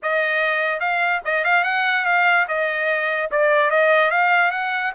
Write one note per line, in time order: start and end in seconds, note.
0.02 0.80 D#5
0.80 1.21 F5
1.25 1.44 D#5
1.44 1.64 F5
1.64 2.05 F#5
2.05 2.46 F5
2.48 3.30 D#5
3.31 3.70 D5
3.70 4.11 D#5
4.11 4.51 F5
4.51 4.92 F#5